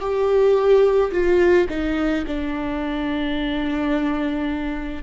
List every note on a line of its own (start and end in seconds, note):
0.00 1.11 G4
1.12 1.67 F4
1.69 2.25 D#4
2.27 5.03 D4